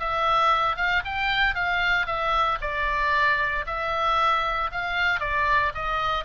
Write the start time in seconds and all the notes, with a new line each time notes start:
0.00 E5
0.77 F5
1.05 G5
1.55 F5
2.07 E5
2.61 D5
3.67 E5
4.72 F5
5.21 D5
5.75 D#5